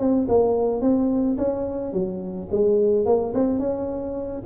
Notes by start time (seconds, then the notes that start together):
0.00 C4
0.29 A#3
0.82 C4
1.38 C#4
1.93 F#3
2.52 G#3
3.06 A#3
3.34 C4
3.59 C#4